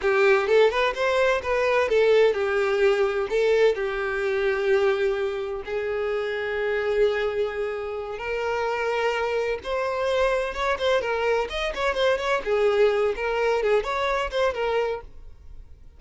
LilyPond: \new Staff \with { instrumentName = "violin" } { \time 4/4 \tempo 4 = 128 g'4 a'8 b'8 c''4 b'4 | a'4 g'2 a'4 | g'1 | gis'1~ |
gis'4. ais'2~ ais'8~ | ais'8 c''2 cis''8 c''8 ais'8~ | ais'8 dis''8 cis''8 c''8 cis''8 gis'4. | ais'4 gis'8 cis''4 c''8 ais'4 | }